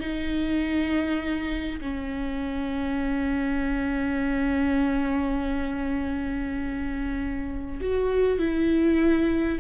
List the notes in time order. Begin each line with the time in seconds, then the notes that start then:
0.00 D#4
1.81 C#4
7.81 F#4
8.39 E4